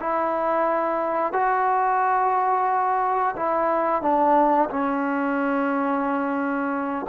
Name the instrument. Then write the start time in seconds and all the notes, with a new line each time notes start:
trombone
0.00 E4
1.33 F#4
3.36 E4
4.02 D4
4.69 C#4